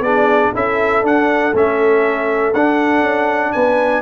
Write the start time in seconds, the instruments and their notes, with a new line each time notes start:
0.00 tuba B3, trombone D4, horn G#4, trumpet D5
0.55 tuba C#4, trombone E4, horn A4, trumpet E5
1.02 tuba D4, trombone D4, trumpet F#5
1.54 tuba A3, trombone C#4, trumpet E5
2.54 tuba D4, trombone D4, trumpet F#5
3.02 tuba C#4
3.53 tuba B3, horn B4, trumpet G#5